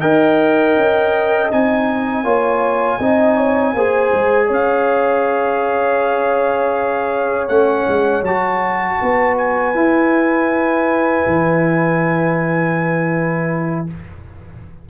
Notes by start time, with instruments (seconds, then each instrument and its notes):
0.00 tuba D#4, trombone A#4, horn D#5, trumpet G5
0.76 tuba C#4
1.49 tuba C4, trombone D#4, trumpet G#5
2.24 tuba A#3, trombone F4, horn C#5
2.99 tuba C4, trombone D#4, horn D#5
3.36 horn C#5
3.74 tuba A#3, trombone G#4, horn C5
4.12 tuba G#3
4.47 tuba C#4, horn C#5
4.53 trumpet F5
7.48 tuba A3, trombone C#4, trumpet F#5
7.88 tuba G#3
8.22 tuba F#3, trombone F#4, trumpet A5
9.02 tuba B3, horn B4
9.37 trumpet G#5
9.75 tuba E4, trombone E4
11.26 tuba E3